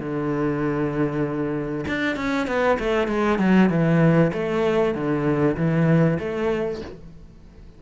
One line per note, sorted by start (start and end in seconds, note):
0.00 1.86 D3
1.88 2.16 D4
2.16 2.47 C#4
2.47 2.78 B3
2.80 3.08 A3
3.08 3.39 G#3
3.39 3.70 F#3
3.70 4.32 E3
4.34 4.95 A3
4.95 5.57 D3
5.57 6.19 E3
6.20 6.82 A3